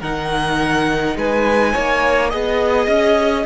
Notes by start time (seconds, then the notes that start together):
0.00 D#3 D#4 A#4 F#5
1.16 G#3 B4 G#5
1.73 A#3 C#5
2.30 B3 G#4 D#5
2.88 C#4